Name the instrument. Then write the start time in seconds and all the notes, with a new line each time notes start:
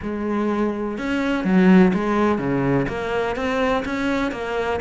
cello
0.02 G#3
0.97 C#4
1.44 F#3
1.93 G#3
2.38 C#3
2.88 A#3
3.36 C4
3.85 C#4
4.31 A#3